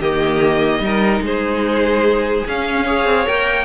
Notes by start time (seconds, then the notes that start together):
0.00 D#3 A#3 G4 D#5
0.80 G3 D#4 A#4
1.21 G#3 G#4 C5
2.47 C#4 F5
2.85 G#4 C#5
3.06 C4
3.27 A#3 A#4 G5